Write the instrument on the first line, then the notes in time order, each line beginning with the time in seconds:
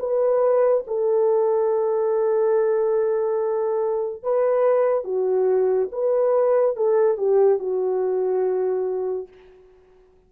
horn
0.00 B4
0.87 A4
4.23 B4
5.04 F#4
5.92 B4
6.76 A4
7.18 G4
7.59 F#4